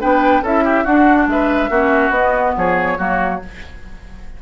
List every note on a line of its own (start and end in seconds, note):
0.00 0.42 B3
0.00 0.43 D4
0.00 0.43 B4
0.00 0.44 G5
0.42 0.84 C#4
0.42 0.85 E4
0.42 0.64 A4
0.42 0.86 E5
0.64 0.84 G4
0.84 1.27 D4
0.84 1.71 D4
0.84 1.26 F#4
0.84 1.28 F#5
1.27 1.69 G#3
1.27 1.70 B4
1.27 2.12 E5
1.69 2.09 A#3
1.69 2.13 C#4
1.69 2.55 F#4
2.09 2.52 B3
2.09 2.97 B3
2.09 2.54 D#5
2.57 2.99 F3
2.57 2.98 G#4
2.57 3.42 C#5
2.97 3.41 F#3
2.97 3.40 A#3
2.97 3.41 F#4